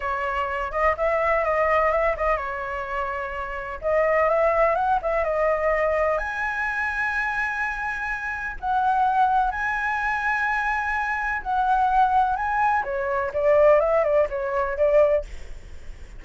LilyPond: \new Staff \with { instrumentName = "flute" } { \time 4/4 \tempo 4 = 126 cis''4. dis''8 e''4 dis''4 | e''8 dis''8 cis''2. | dis''4 e''4 fis''8 e''8 dis''4~ | dis''4 gis''2.~ |
gis''2 fis''2 | gis''1 | fis''2 gis''4 cis''4 | d''4 e''8 d''8 cis''4 d''4 | }